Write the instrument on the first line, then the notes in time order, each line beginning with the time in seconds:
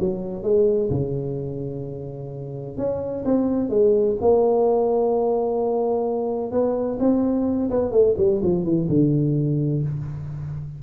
tuba
0.00 F#3
0.43 G#3
0.90 C#3
2.78 C#4
3.25 C4
3.70 G#3
4.21 A#3
6.52 B3
7.00 C4
7.70 B3
7.92 A3
8.18 G3
8.43 F3
8.64 E3
8.89 D3